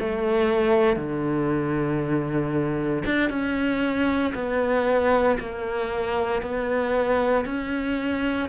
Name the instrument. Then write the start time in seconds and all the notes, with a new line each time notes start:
cello
0.00 A3
0.97 D3
3.06 D4
3.30 C#4
4.35 B3
5.40 A#3
6.42 B3
7.45 C#4